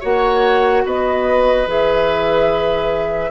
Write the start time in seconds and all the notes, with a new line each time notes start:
0.00 A#3 F#4 C#5 F#5
0.85 B3 B4 D#5
1.66 E3 G#4 E5